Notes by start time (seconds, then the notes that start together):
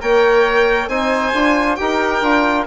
0.00 A#3 A#4 C#5 G5
0.87 C4 D#4 C5 G#5
1.33 D4 F4
1.75 D#4 G4 A#4 G5
2.21 D4 F4